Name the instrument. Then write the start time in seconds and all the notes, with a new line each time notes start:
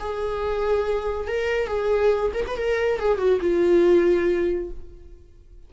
viola
0.00 G#4
1.28 A#4
1.67 G#4
2.34 A#4
2.47 B4
2.57 A#4
3.00 G#4
3.18 F#4
3.41 F4